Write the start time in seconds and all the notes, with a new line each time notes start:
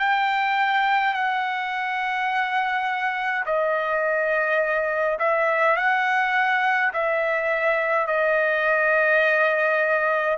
0.00 G5
1.14 F#5
3.46 D#5
5.19 E5
5.77 F#5
6.94 E5
8.08 D#5